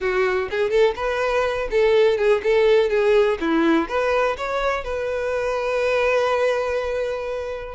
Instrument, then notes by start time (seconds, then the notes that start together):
violin
0.00 F#4
0.50 G#4
0.70 A4
0.95 B4
1.71 A4
2.17 G#4
2.43 A4
2.89 G#4
3.40 E4
3.88 B4
4.37 C#5
4.84 B4